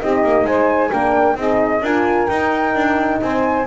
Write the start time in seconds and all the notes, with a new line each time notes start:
0.00 C4 D#4 G4 D#5
0.24 A#3
0.44 G#3 C5 G#5
0.90 A#3 D4 A#4 G5
1.35 C4 D#4 G#4 D#5
1.81 D4 F4 A#4 G#5
2.27 D#4 G5
2.75 D4
3.22 C4 C5 G#5